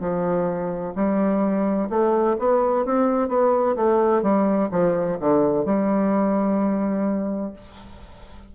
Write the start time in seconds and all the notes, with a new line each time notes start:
0.00 F3
0.95 G3
1.90 A3
2.39 B3
2.86 C4
3.29 B3
3.76 A3
4.22 G3
4.71 F3
5.20 D3
5.65 G3